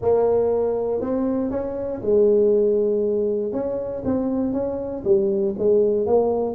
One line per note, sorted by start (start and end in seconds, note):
0.01 1.00 A#3
1.00 1.51 C4
1.51 2.01 C#4
2.01 3.52 G#3
3.52 4.02 C#4
4.05 4.52 C4
4.52 5.03 C#4
5.04 5.54 G3
5.58 6.06 G#3
6.06 6.55 A#3